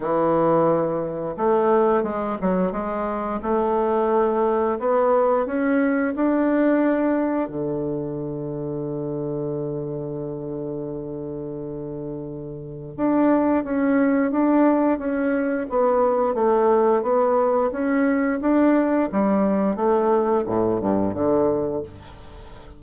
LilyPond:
\new Staff \with { instrumentName = "bassoon" } { \time 4/4 \tempo 4 = 88 e2 a4 gis8 fis8 | gis4 a2 b4 | cis'4 d'2 d4~ | d1~ |
d2. d'4 | cis'4 d'4 cis'4 b4 | a4 b4 cis'4 d'4 | g4 a4 a,8 g,8 d4 | }